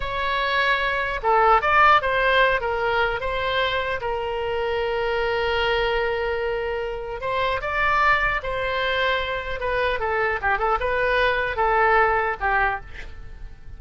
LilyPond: \new Staff \with { instrumentName = "oboe" } { \time 4/4 \tempo 4 = 150 cis''2. a'4 | d''4 c''4. ais'4. | c''2 ais'2~ | ais'1~ |
ais'2 c''4 d''4~ | d''4 c''2. | b'4 a'4 g'8 a'8 b'4~ | b'4 a'2 g'4 | }